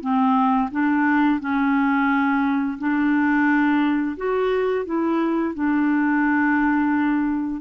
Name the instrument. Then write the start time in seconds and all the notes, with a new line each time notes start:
clarinet
0.00 C4
0.71 D4
1.40 C#4
2.78 D4
4.17 F#4
4.85 E4
5.54 D4